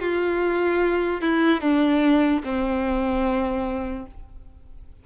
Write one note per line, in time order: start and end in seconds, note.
0.00 1.21 F4
1.21 1.61 E4
1.61 2.42 D4
2.44 4.06 C4